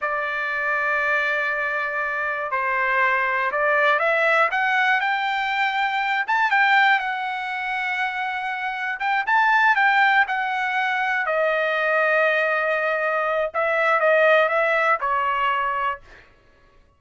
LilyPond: \new Staff \with { instrumentName = "trumpet" } { \time 4/4 \tempo 4 = 120 d''1~ | d''4 c''2 d''4 | e''4 fis''4 g''2~ | g''8 a''8 g''4 fis''2~ |
fis''2 g''8 a''4 g''8~ | g''8 fis''2 dis''4.~ | dis''2. e''4 | dis''4 e''4 cis''2 | }